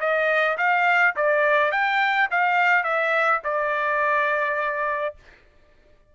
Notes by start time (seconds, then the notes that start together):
0.00 D#5
0.58 F5
1.16 D5
1.71 G5
2.31 F5
2.84 E5
3.44 D5